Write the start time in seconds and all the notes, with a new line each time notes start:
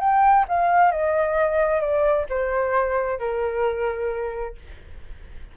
0.00 G5
0.48 F5
0.92 D#5
1.81 D5
2.29 C5
3.19 A#4